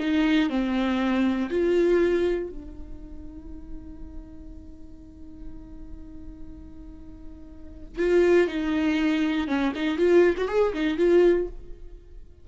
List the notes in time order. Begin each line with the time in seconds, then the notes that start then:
0.00 D#4
0.50 C4
1.50 F4
2.50 D#4
7.99 F4
8.48 D#4
9.48 C#4
9.75 D#4
9.98 F4
10.38 F#4
10.49 G#4
10.74 D#4
10.98 F4